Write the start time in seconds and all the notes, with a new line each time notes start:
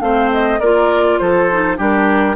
0.00 A3 C4 C5 F5
0.32 D#5
0.59 A#3 F4 A#4 D5
1.18 F3 A4 C5
1.51 D#4
1.77 G3 D4 G4 A#4